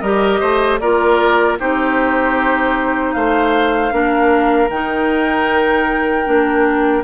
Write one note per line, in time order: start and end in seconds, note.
0.00 0.40 G3
0.00 0.82 G4
0.00 0.40 A#4
0.00 0.78 D#5
0.40 0.81 A3
0.40 0.79 C5
0.79 1.58 A#3
0.79 1.59 F4
0.79 1.59 A#4
0.79 1.57 D5
1.59 3.16 C4
1.59 3.91 D#4
1.59 3.15 G4
1.59 3.13 C5
3.13 3.92 A3
3.13 3.94 C5
3.13 4.69 F5
3.91 4.69 A#3
3.91 4.69 D4
3.91 7.04 A#4
4.69 6.25 D#3
4.69 6.26 D#4
4.69 7.04 G5
6.26 7.04 A#3
6.26 7.04 D4